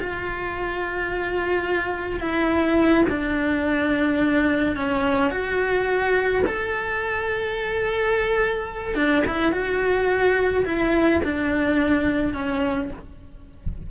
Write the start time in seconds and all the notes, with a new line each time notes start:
0.00 F4
2.20 E4
3.09 D4
4.76 C#4
5.31 F#4
6.47 A4
8.95 D4
9.27 E4
9.52 F#4
10.65 E4
11.24 D4
12.34 C#4